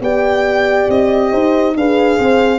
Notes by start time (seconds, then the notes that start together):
0.00 B3 G4 D5 G5
0.89 C4 D#5
1.32 D#4 C5
1.75 D4 G#4 B4 F5
2.18 C4 C5